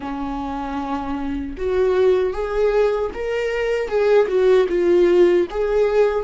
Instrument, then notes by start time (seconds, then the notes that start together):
viola
0.00 C#4
1.57 F#4
2.33 G#4
3.14 A#4
3.88 G#4
4.28 F#4
4.68 F4
5.50 G#4